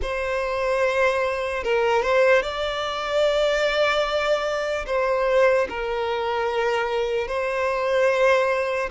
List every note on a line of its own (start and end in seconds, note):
0.01 1.63 C5
1.63 2.02 A#4
2.02 2.42 C5
2.42 4.85 D5
4.86 5.67 C5
5.69 7.27 A#4
7.27 8.89 C5